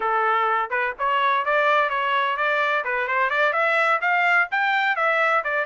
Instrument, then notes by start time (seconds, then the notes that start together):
trumpet
0.00 A4
0.70 B4
0.98 C#5
1.45 D5
1.89 C#5
2.36 D5
2.84 B4
3.07 C5
3.30 D5
3.52 E5
4.01 F5
4.51 G5
4.96 E5
5.44 D5